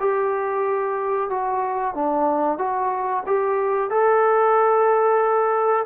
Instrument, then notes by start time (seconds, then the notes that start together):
trombone
0.00 G4
1.30 F#4
1.95 D4
2.58 F#4
3.27 G4
3.91 A4